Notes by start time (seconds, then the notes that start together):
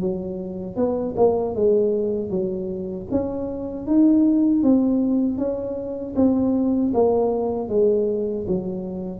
0.00 F#3
0.76 B3
1.16 A#3
1.55 G#3
2.29 F#3
3.11 C#4
3.86 D#4
4.63 C4
5.37 C#4
6.16 C4
6.93 A#3
7.69 G#3
8.47 F#3